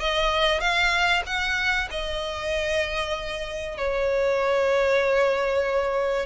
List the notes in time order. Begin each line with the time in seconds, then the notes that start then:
0.00 D#5
0.61 F5
1.26 F#5
1.91 D#5
3.78 C#5